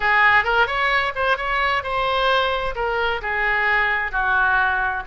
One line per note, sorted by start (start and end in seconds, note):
0.00 0.44 G#4
0.44 0.66 A#4
0.66 1.12 C#5
1.15 1.37 C5
1.37 1.83 C#5
1.83 2.74 C5
2.75 3.21 A#4
3.21 4.11 G#4
4.11 5.03 F#4